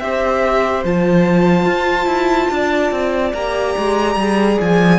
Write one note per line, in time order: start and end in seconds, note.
0.00 0.84 C4
0.00 0.85 G4
0.00 2.54 C5
0.00 0.83 E5
0.84 1.66 F3
0.84 3.35 F4
0.84 3.34 A5
1.66 2.06 F4
2.06 2.48 E4
2.51 2.91 D4
2.51 4.99 D5
2.91 3.33 C4
3.34 3.76 A#3
3.34 4.19 G4
3.34 4.59 A#5
3.78 4.16 G#3
4.16 4.57 G3
4.16 4.99 G#4
4.61 4.99 F3
4.61 4.99 G#5